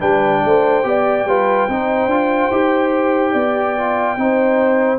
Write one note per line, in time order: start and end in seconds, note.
0.00 0.44 G3
0.00 0.83 D4
0.00 0.42 B4
0.00 4.99 G5
0.44 0.85 A3
0.44 0.88 C5
0.83 1.25 B3
0.83 1.25 G4
0.83 1.28 D5
1.25 1.67 G3
1.25 1.69 F4
1.25 1.69 B4
1.68 2.06 C4
1.68 2.10 D#4
1.68 3.32 C5
2.06 2.48 D4
2.06 2.51 F4
2.51 3.34 D#4
2.51 3.76 G4
3.32 4.17 B3
3.32 4.16 D5
3.77 4.17 F4
4.17 4.99 C4
4.17 4.99 D#4
4.17 4.99 C5